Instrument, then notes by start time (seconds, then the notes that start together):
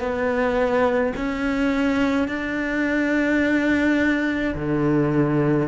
cello
0.00 B3
1.17 C#4
2.28 D4
4.56 D3